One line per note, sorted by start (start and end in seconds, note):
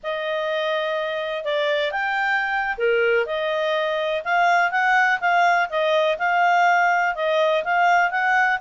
0.03 1.44 D#5
1.44 1.91 D5
1.91 2.76 G5
2.77 3.26 A#4
3.26 4.22 D#5
4.24 4.71 F5
4.71 5.19 F#5
5.20 5.68 F5
5.69 6.18 D#5
6.18 7.15 F5
7.15 7.63 D#5
7.63 8.10 F5
8.10 8.59 F#5